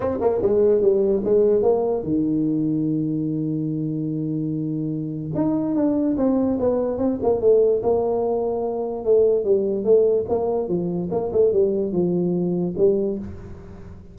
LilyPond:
\new Staff \with { instrumentName = "tuba" } { \time 4/4 \tempo 4 = 146 c'8 ais8 gis4 g4 gis4 | ais4 dis2.~ | dis1~ | dis4 dis'4 d'4 c'4 |
b4 c'8 ais8 a4 ais4~ | ais2 a4 g4 | a4 ais4 f4 ais8 a8 | g4 f2 g4 | }